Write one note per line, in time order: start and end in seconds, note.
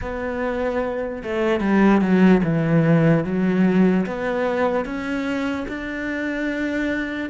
0.01 1.22 B3
1.23 1.60 A3
1.60 2.00 G3
2.01 2.41 F#3
2.43 3.24 E3
3.24 4.05 F#3
4.06 4.85 B3
4.85 5.66 C#4
5.68 7.29 D4